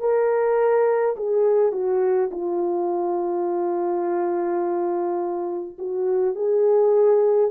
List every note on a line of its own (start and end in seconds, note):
0.00 1.15 A#4
1.16 1.72 G#4
1.72 2.30 F#4
2.31 5.77 F4
5.78 6.36 F#4
6.36 7.51 G#4